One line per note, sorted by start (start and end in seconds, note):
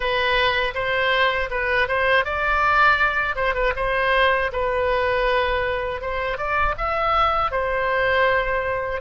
0.00 0.74 B4
0.74 1.49 C5
1.50 1.88 B4
1.88 2.24 C5
2.24 3.35 D5
3.35 3.54 C5
3.54 3.73 B4
3.76 4.51 C5
4.52 6.01 B4
6.01 6.37 C5
6.37 6.75 D5
6.77 7.51 E5
7.51 9.01 C5